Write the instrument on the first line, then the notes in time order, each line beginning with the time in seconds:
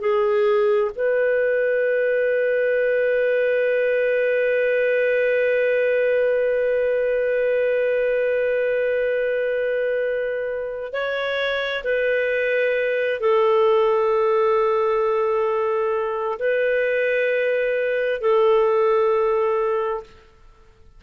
clarinet
0.00 G#4
0.95 B4
10.93 C#5
11.84 B4
13.20 A4
16.39 B4
18.21 A4